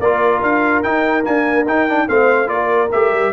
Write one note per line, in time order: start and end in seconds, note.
0.00 0.42 A#3
0.00 0.84 F4
0.00 2.07 A#4
0.00 0.42 D5
0.42 0.84 D4
0.42 0.83 F5
0.83 1.24 D#4
0.83 1.26 D#4
0.83 1.25 G5
1.24 1.66 A#3
1.24 1.66 D4
1.24 1.67 G#5
1.66 2.07 D#4
1.66 1.89 D#4
1.66 2.09 G5
1.89 2.08 D4
2.08 2.49 A3
2.08 2.47 C4
2.08 2.51 C5
2.08 2.49 F5
2.47 2.90 A#3
2.47 2.88 F4
2.47 3.33 A#4
2.47 2.90 D5
2.92 3.12 A3
2.92 3.33 G4
2.92 3.33 E5
3.12 3.32 G3